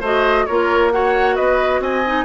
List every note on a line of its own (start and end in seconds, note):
0.00 0.46 A3
0.00 0.47 F#4
0.00 0.45 C5
0.00 0.46 D#5
0.46 1.38 A#3
0.46 0.92 F4
0.46 0.92 A#4
0.46 0.90 C#5
0.91 2.04 F#4
0.91 1.35 C#5
0.91 1.35 F#5
1.35 1.79 B3
1.35 1.80 B4
1.35 1.80 D#5
1.79 2.24 C4
1.79 2.25 D#5
1.79 2.25 G#5
2.05 2.25 D#4